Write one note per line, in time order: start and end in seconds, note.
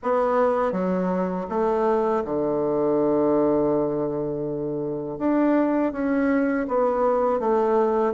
0.02 0.72 B3
0.72 1.46 F#3
1.49 2.23 A3
2.24 5.18 D3
5.18 5.92 D4
5.92 6.66 C#4
6.68 7.39 B3
7.39 8.13 A3